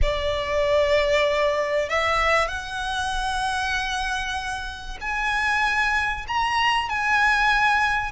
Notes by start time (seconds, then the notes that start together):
0.01 D5
1.89 E5
2.48 F#5
5.01 G#5
6.27 A#5
6.89 G#5